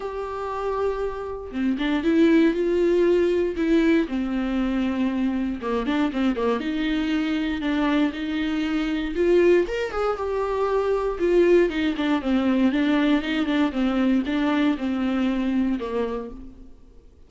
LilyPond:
\new Staff \with { instrumentName = "viola" } { \time 4/4 \tempo 4 = 118 g'2. c'8 d'8 | e'4 f'2 e'4 | c'2. ais8 d'8 | c'8 ais8 dis'2 d'4 |
dis'2 f'4 ais'8 gis'8 | g'2 f'4 dis'8 d'8 | c'4 d'4 dis'8 d'8 c'4 | d'4 c'2 ais4 | }